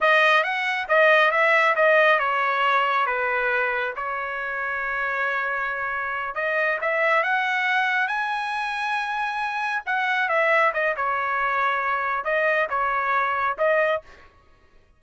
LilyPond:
\new Staff \with { instrumentName = "trumpet" } { \time 4/4 \tempo 4 = 137 dis''4 fis''4 dis''4 e''4 | dis''4 cis''2 b'4~ | b'4 cis''2.~ | cis''2~ cis''8 dis''4 e''8~ |
e''8 fis''2 gis''4.~ | gis''2~ gis''8 fis''4 e''8~ | e''8 dis''8 cis''2. | dis''4 cis''2 dis''4 | }